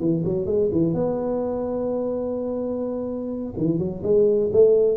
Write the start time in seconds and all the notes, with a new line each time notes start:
0.00 E3
0.25 F#3
0.46 G#3
0.72 E3
0.94 B3
3.57 E3
3.79 F#3
4.03 G#3
4.53 A3